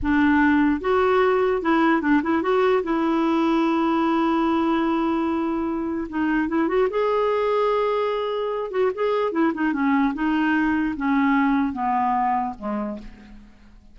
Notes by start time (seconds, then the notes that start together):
0.02 D4
0.80 F#4
1.61 E4
2.01 D4
2.23 E4
2.42 F#4
2.83 E4
6.09 D#4
6.48 E4
6.67 F#4
6.90 G#4
8.71 F#4
8.94 G#4
9.32 E4
9.54 D#4
9.72 C#4
10.14 D#4
10.96 C#4
11.73 B3
12.58 G#3